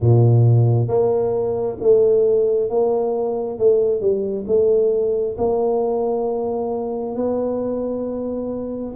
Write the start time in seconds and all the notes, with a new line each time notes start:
0.00 A#2
0.88 A#3
1.80 A3
2.69 A#3
3.58 A3
4.01 G3
4.47 A3
5.37 A#3
7.15 B3